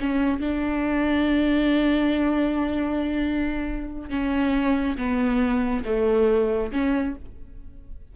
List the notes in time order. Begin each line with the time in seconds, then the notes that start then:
0.00 C#4
0.41 D4
4.10 C#4
4.98 B3
5.85 A3
6.72 C#4